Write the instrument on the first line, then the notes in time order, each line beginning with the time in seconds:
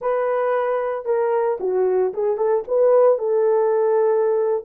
horn
0.01 B4
1.05 A#4
1.60 F#4
2.13 G#4
2.37 A4
2.67 B4
3.18 A4